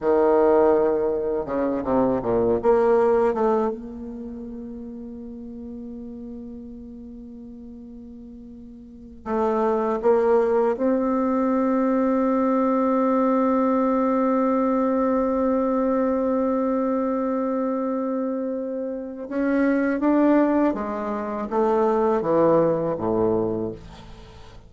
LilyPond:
\new Staff \with { instrumentName = "bassoon" } { \time 4/4 \tempo 4 = 81 dis2 cis8 c8 ais,8 ais8~ | ais8 a8 ais2.~ | ais1~ | ais8 a4 ais4 c'4.~ |
c'1~ | c'1~ | c'2 cis'4 d'4 | gis4 a4 e4 a,4 | }